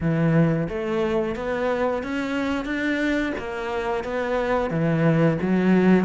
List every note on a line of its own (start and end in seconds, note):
0.00 0.68 E3
0.69 1.35 A3
1.35 2.03 B3
2.03 2.65 C#4
2.65 3.32 D4
3.38 4.04 A#3
4.04 4.70 B3
4.70 5.37 E3
5.41 6.05 F#3